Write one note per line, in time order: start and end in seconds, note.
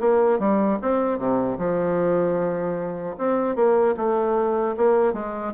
0.00 0.39 A#3
0.39 0.79 G3
0.82 1.18 C4
1.18 1.58 C3
1.58 3.16 F3
3.18 3.56 C4
3.56 3.95 A#3
3.97 4.76 A3
4.77 5.13 A#3
5.13 5.53 G#3